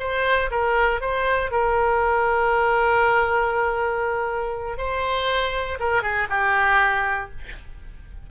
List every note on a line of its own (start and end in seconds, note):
0.00 0.50 C5
0.51 1.01 A#4
1.01 1.51 C5
1.51 4.78 A#4
4.78 5.79 C5
5.80 6.03 A#4
6.03 6.28 G#4
6.30 7.31 G4